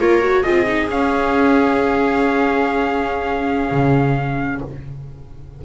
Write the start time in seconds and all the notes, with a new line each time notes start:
0.00 A#3 F4 A#4 C#5
0.21 F#4
0.43 C4 F4 G#4 D#5
0.66 D#4
0.89 C#4 F5
3.71 C#3